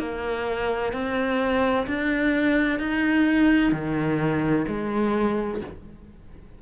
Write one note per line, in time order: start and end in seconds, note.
0.00 0.93 A#3
0.93 1.87 C4
1.87 2.80 D4
2.80 3.72 D#4
3.72 4.66 D#3
4.68 5.62 G#3